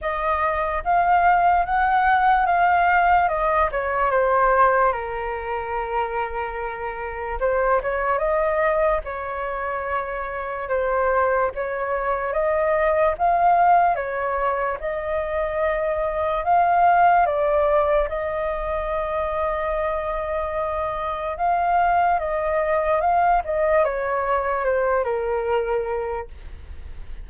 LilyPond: \new Staff \with { instrumentName = "flute" } { \time 4/4 \tempo 4 = 73 dis''4 f''4 fis''4 f''4 | dis''8 cis''8 c''4 ais'2~ | ais'4 c''8 cis''8 dis''4 cis''4~ | cis''4 c''4 cis''4 dis''4 |
f''4 cis''4 dis''2 | f''4 d''4 dis''2~ | dis''2 f''4 dis''4 | f''8 dis''8 cis''4 c''8 ais'4. | }